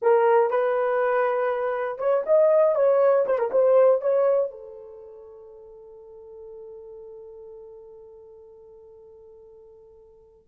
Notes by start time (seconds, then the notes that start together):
0.02 A#4
0.50 B4
1.98 C#5
2.26 D#5
2.75 C#5
3.26 C5
3.38 A#4
3.51 C5
4.01 C#5
4.50 A4